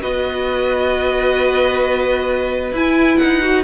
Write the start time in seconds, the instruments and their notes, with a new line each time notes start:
0.00 cello B3, viola F#4, violin B4 D#5
2.72 cello E4, viola E4, violin G#5
3.17 cello D#4, violin F#5
3.42 viola F#4